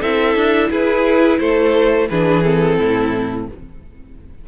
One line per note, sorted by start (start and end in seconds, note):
0.00 0.35 C4
0.00 2.09 E4
0.00 0.69 A4
0.00 0.70 E5
0.35 0.70 D4
0.70 1.39 E4
0.70 1.39 G#4
0.70 1.39 B4
1.39 2.09 A3
1.39 2.08 A4
1.39 2.08 C5
2.09 2.79 E3
2.09 2.44 D4
2.09 2.78 G#4
2.09 2.43 B4
2.43 3.47 C4
2.43 3.46 A4
2.79 3.48 A2
2.79 3.48 E4